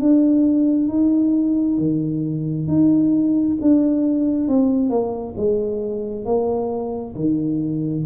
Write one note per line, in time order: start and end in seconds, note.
0.00 0.89 D4
0.89 1.78 D#4
1.78 2.68 D#3
2.68 3.58 D#4
3.61 4.49 D4
4.49 4.90 C4
4.90 5.35 A#3
5.37 6.25 G#3
6.25 7.15 A#3
7.16 8.05 D#3